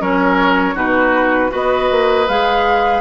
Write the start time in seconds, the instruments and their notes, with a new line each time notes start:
0.00 bassoon F#3, clarinet C#4, oboe A#4, flute C#5
0.75 bassoon B2, clarinet D#4, oboe F#4, flute B4
1.50 bassoon B3, clarinet F#4, oboe B4, flute D#5
1.91 bassoon A#3
2.29 bassoon G#3, clarinet G#4, flute F5